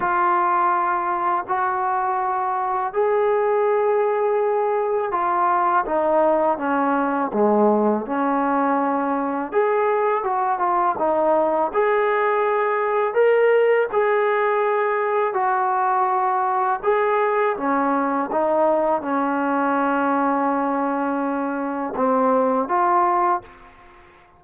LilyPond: \new Staff \with { instrumentName = "trombone" } { \time 4/4 \tempo 4 = 82 f'2 fis'2 | gis'2. f'4 | dis'4 cis'4 gis4 cis'4~ | cis'4 gis'4 fis'8 f'8 dis'4 |
gis'2 ais'4 gis'4~ | gis'4 fis'2 gis'4 | cis'4 dis'4 cis'2~ | cis'2 c'4 f'4 | }